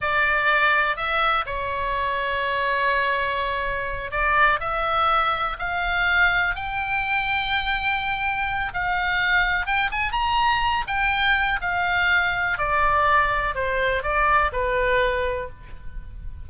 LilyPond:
\new Staff \with { instrumentName = "oboe" } { \time 4/4 \tempo 4 = 124 d''2 e''4 cis''4~ | cis''1~ | cis''8 d''4 e''2 f''8~ | f''4. g''2~ g''8~ |
g''2 f''2 | g''8 gis''8 ais''4. g''4. | f''2 d''2 | c''4 d''4 b'2 | }